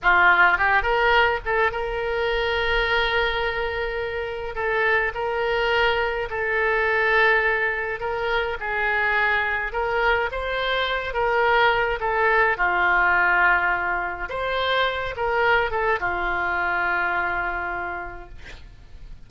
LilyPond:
\new Staff \with { instrumentName = "oboe" } { \time 4/4 \tempo 4 = 105 f'4 g'8 ais'4 a'8 ais'4~ | ais'1 | a'4 ais'2 a'4~ | a'2 ais'4 gis'4~ |
gis'4 ais'4 c''4. ais'8~ | ais'4 a'4 f'2~ | f'4 c''4. ais'4 a'8 | f'1 | }